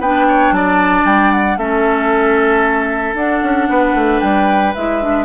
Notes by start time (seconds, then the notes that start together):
0.00 B3 D4 B4 G5
0.28 C#5
0.52 F#3 D5 A5
1.05 G3 G5
1.32 F#5
1.57 A3 C#4 A4 E5
3.15 D4 F#5
3.43 C#4
3.69 B3 B4
3.95 A3
4.21 G3 G5
4.75 G#3 E4 E5
5.02 D4